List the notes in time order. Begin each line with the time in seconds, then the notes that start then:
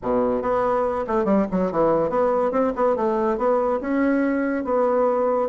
0.02 B2
0.41 B3
1.07 A3
1.24 G3
1.51 F#3
1.71 E3
2.09 B3
2.51 C4
2.75 B3
2.96 A3
3.37 B3
3.80 C#4
4.64 B3